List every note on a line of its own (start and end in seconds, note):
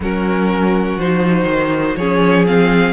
0.00 0.97 F#3
0.00 1.00 C#4
0.00 1.98 F#4
0.00 0.99 A#4
0.97 1.44 F3
0.97 1.98 D#4
0.97 1.96 C5
1.44 1.93 D#3
1.96 2.92 F3
1.96 2.47 C#4
1.96 2.92 G#4
1.96 2.45 C#5
2.47 2.92 C4
2.47 2.92 F5